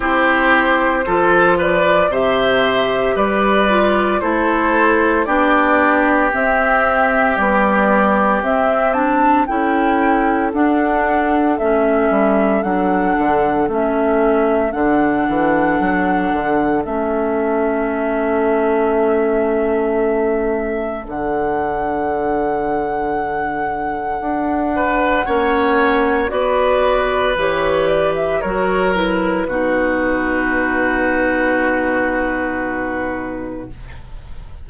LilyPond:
<<
  \new Staff \with { instrumentName = "flute" } { \time 4/4 \tempo 4 = 57 c''4. d''8 e''4 d''4 | c''4 d''4 e''4 d''4 | e''8 a''8 g''4 fis''4 e''4 | fis''4 e''4 fis''2 |
e''1 | fis''1~ | fis''4 d''4 cis''8 d''16 e''16 cis''8 b'8~ | b'1 | }
  \new Staff \with { instrumentName = "oboe" } { \time 4/4 g'4 a'8 b'8 c''4 b'4 | a'4 g'2.~ | g'4 a'2.~ | a'1~ |
a'1~ | a'2.~ a'8 b'8 | cis''4 b'2 ais'4 | fis'1 | }
  \new Staff \with { instrumentName = "clarinet" } { \time 4/4 e'4 f'4 g'4. f'8 | e'4 d'4 c'4 g4 | c'8 d'8 e'4 d'4 cis'4 | d'4 cis'4 d'2 |
cis'1 | d'1 | cis'4 fis'4 g'4 fis'8 e'8 | dis'1 | }
  \new Staff \with { instrumentName = "bassoon" } { \time 4/4 c'4 f4 c4 g4 | a4 b4 c'4 b4 | c'4 cis'4 d'4 a8 g8 | fis8 d8 a4 d8 e8 fis8 d8 |
a1 | d2. d'4 | ais4 b4 e4 fis4 | b,1 | }
>>